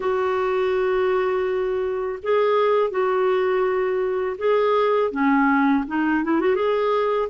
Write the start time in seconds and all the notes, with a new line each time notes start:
0.00 F#4
2.22 G#4
2.90 F#4
4.37 G#4
5.11 C#4
5.87 D#4
6.24 E4
6.40 F#4
6.55 G#4